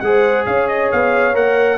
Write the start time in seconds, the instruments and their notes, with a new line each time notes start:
0.00 tuba G#3, trombone G#4, trumpet F#5
0.06 horn C5
0.46 tuba C#4, horn C#5, trumpet F5
0.68 trumpet D#5
0.92 tuba B3, trumpet F5
1.34 tuba A#3, trombone A#4, trumpet F#5